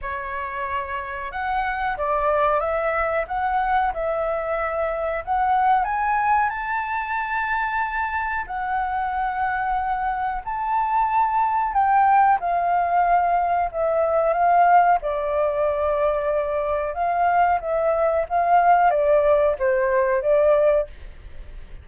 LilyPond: \new Staff \with { instrumentName = "flute" } { \time 4/4 \tempo 4 = 92 cis''2 fis''4 d''4 | e''4 fis''4 e''2 | fis''4 gis''4 a''2~ | a''4 fis''2. |
a''2 g''4 f''4~ | f''4 e''4 f''4 d''4~ | d''2 f''4 e''4 | f''4 d''4 c''4 d''4 | }